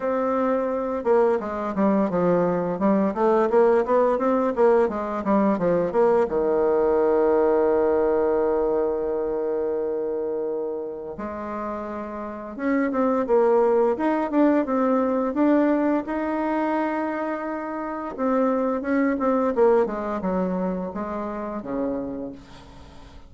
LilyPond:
\new Staff \with { instrumentName = "bassoon" } { \time 4/4 \tempo 4 = 86 c'4. ais8 gis8 g8 f4 | g8 a8 ais8 b8 c'8 ais8 gis8 g8 | f8 ais8 dis2.~ | dis1 |
gis2 cis'8 c'8 ais4 | dis'8 d'8 c'4 d'4 dis'4~ | dis'2 c'4 cis'8 c'8 | ais8 gis8 fis4 gis4 cis4 | }